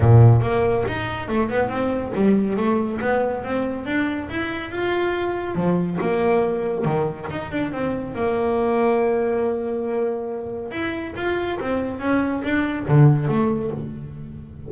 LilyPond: \new Staff \with { instrumentName = "double bass" } { \time 4/4 \tempo 4 = 140 ais,4 ais4 dis'4 a8 b8 | c'4 g4 a4 b4 | c'4 d'4 e'4 f'4~ | f'4 f4 ais2 |
dis4 dis'8 d'8 c'4 ais4~ | ais1~ | ais4 e'4 f'4 c'4 | cis'4 d'4 d4 a4 | }